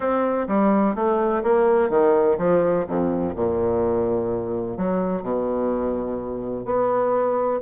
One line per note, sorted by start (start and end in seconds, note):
0.00 0.47 C4
0.47 0.95 G3
0.95 1.42 A3
1.43 1.89 A#3
1.89 2.37 D#3
2.38 2.85 F3
2.87 3.35 F2
3.35 4.77 A#2
4.77 5.22 F#3
5.22 6.65 B2
6.65 7.60 B3